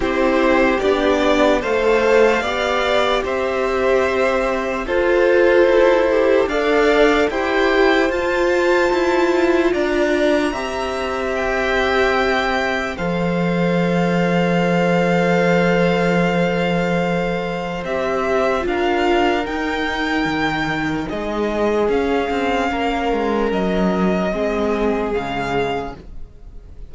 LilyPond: <<
  \new Staff \with { instrumentName = "violin" } { \time 4/4 \tempo 4 = 74 c''4 d''4 f''2 | e''2 c''2 | f''4 g''4 a''2 | ais''2 g''2 |
f''1~ | f''2 e''4 f''4 | g''2 dis''4 f''4~ | f''4 dis''2 f''4 | }
  \new Staff \with { instrumentName = "violin" } { \time 4/4 g'2 c''4 d''4 | c''2 a'2 | d''4 c''2. | d''4 e''2. |
c''1~ | c''2. ais'4~ | ais'2 gis'2 | ais'2 gis'2 | }
  \new Staff \with { instrumentName = "viola" } { \time 4/4 e'4 d'4 a'4 g'4~ | g'2 f'4. g'8 | a'4 g'4 f'2~ | f'4 g'2. |
a'1~ | a'2 g'4 f'4 | dis'2. cis'4~ | cis'2 c'4 gis4 | }
  \new Staff \with { instrumentName = "cello" } { \time 4/4 c'4 b4 a4 b4 | c'2 f'4 e'4 | d'4 e'4 f'4 e'4 | d'4 c'2. |
f1~ | f2 c'4 d'4 | dis'4 dis4 gis4 cis'8 c'8 | ais8 gis8 fis4 gis4 cis4 | }
>>